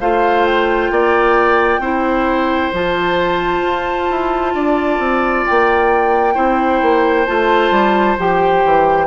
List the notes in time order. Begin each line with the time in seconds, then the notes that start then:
0.00 A3 F4 C5 F5
0.45 G5
0.91 A#3 D5
1.79 C4 E4 C5
2.73 F3 F4 A5
3.62 F4
4.10 E4
4.54 D4 D5
4.99 C4
5.46 A#3 G5
6.34 C4 E4 C5
6.81 A#3
7.26 A3 F4 A5
7.71 G3
8.18 F3 G4 G5
8.64 E3